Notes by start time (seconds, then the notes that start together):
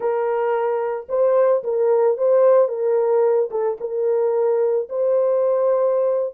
0.00 A#4
1.09 C5
1.63 A#4
2.17 C5
2.68 A#4
3.51 A4
3.80 A#4
4.89 C5